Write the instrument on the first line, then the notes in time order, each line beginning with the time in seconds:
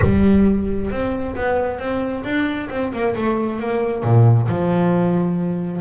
double bass
0.02 G3
0.90 C4
1.35 B3
1.78 C4
2.24 D4
2.70 C4
2.92 A#3
3.15 A3
3.59 A#3
4.03 A#2
4.48 F3